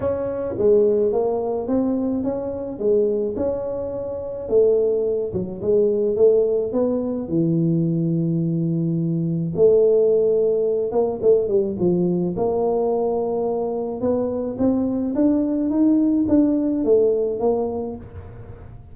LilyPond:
\new Staff \with { instrumentName = "tuba" } { \time 4/4 \tempo 4 = 107 cis'4 gis4 ais4 c'4 | cis'4 gis4 cis'2 | a4. fis8 gis4 a4 | b4 e2.~ |
e4 a2~ a8 ais8 | a8 g8 f4 ais2~ | ais4 b4 c'4 d'4 | dis'4 d'4 a4 ais4 | }